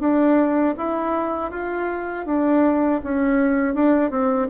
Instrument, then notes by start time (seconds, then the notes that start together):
bassoon
0.00 D4
0.77 E4
1.51 F4
2.26 D4
3.03 C#4
3.74 D4
4.11 C4